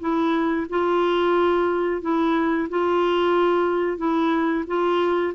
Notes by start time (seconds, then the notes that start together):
0.00 E4
0.70 F4
2.02 E4
2.69 F4
3.98 E4
4.67 F4